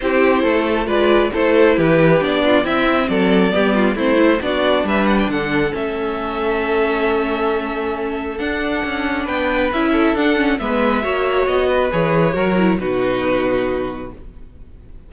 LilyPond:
<<
  \new Staff \with { instrumentName = "violin" } { \time 4/4 \tempo 4 = 136 c''2 d''4 c''4 | b'4 d''4 e''4 d''4~ | d''4 c''4 d''4 e''8 fis''16 g''16 | fis''4 e''2.~ |
e''2. fis''4~ | fis''4 g''4 e''4 fis''4 | e''2 dis''4 cis''4~ | cis''4 b'2. | }
  \new Staff \with { instrumentName = "violin" } { \time 4/4 g'4 a'4 b'4 a'4 | g'4. f'8 e'4 a'4 | g'8 f'8 e'4 fis'4 b'4 | a'1~ |
a'1~ | a'4 b'4. a'4. | b'4 cis''4. b'4. | ais'4 fis'2. | }
  \new Staff \with { instrumentName = "viola" } { \time 4/4 e'2 f'4 e'4~ | e'4 d'4 c'2 | b4 c'8 e'8 d'2~ | d'4 cis'2.~ |
cis'2. d'4~ | d'2 e'4 d'8 cis'8 | b4 fis'2 gis'4 | fis'8 e'8 dis'2. | }
  \new Staff \with { instrumentName = "cello" } { \time 4/4 c'4 a4 gis4 a4 | e4 b4 c'4 fis4 | g4 a4 b4 g4 | d4 a2.~ |
a2. d'4 | cis'4 b4 cis'4 d'4 | gis4 ais4 b4 e4 | fis4 b,2. | }
>>